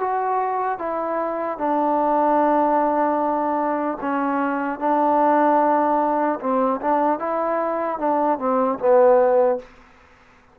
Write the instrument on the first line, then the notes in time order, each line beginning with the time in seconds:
trombone
0.00 F#4
0.79 E4
1.59 D4
4.01 C#4
4.80 D4
6.40 C4
6.81 D4
7.19 E4
7.99 D4
8.39 C4
8.79 B3